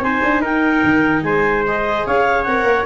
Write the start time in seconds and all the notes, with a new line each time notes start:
0.00 C4 D#4 C5 G#5
0.23 D4
0.41 D#4 A#4 G5
0.83 D#3
1.23 G#3 C5 G#5
1.67 G#4 D#5
2.06 C#4 C#5 F5
2.44 C4 A#4 F#5
2.64 A#3